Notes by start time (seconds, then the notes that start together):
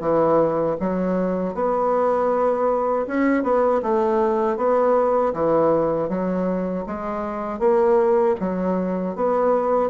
0.00 E3
0.80 F#3
1.54 B3
3.07 C#4
3.43 B3
3.83 A3
4.57 B3
5.33 E3
6.09 F#3
6.86 G#3
7.59 A#3
8.40 F#3
9.16 B3